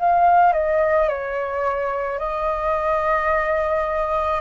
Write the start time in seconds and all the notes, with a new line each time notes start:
0.00 F5
0.54 D#5
1.09 C#5
2.19 D#5